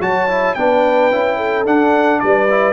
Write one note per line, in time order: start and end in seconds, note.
0.00 0.55 F#3
0.00 0.28 F#4
0.00 0.55 C#5
0.00 0.54 A5
0.29 0.56 E4
0.54 1.12 B3
0.54 1.12 D4
0.54 1.37 B4
0.54 1.64 G5
1.12 1.67 C#4
1.12 1.65 E4
1.37 2.20 A4
1.65 2.48 D4
1.65 2.22 D4
1.65 2.20 F#5
2.20 2.73 G3
2.20 2.73 B4
2.20 2.73 D5
2.50 2.73 E4